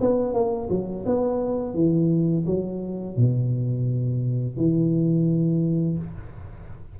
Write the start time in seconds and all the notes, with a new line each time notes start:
0.00 B3
0.33 A#3
0.69 F#3
1.05 B3
1.74 E3
2.46 F#3
3.16 B2
4.56 E3